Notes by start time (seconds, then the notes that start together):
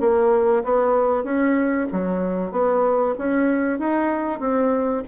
0.00 A#3
0.63 B3
1.23 C#4
1.92 F#3
2.51 B3
3.18 C#4
3.78 D#4
4.40 C4